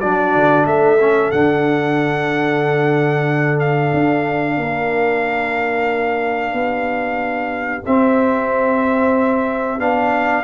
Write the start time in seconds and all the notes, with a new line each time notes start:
0.00 F#3 D4 F#4 D5
0.35 D3
0.65 A3 A4 E5
1.00 C#4
1.31 D3 D4 F#5
3.59 F5
3.93 D4
4.57 A#3 A#4
6.52 B3 G4
7.85 C4 E5
9.79 B3 D4 F5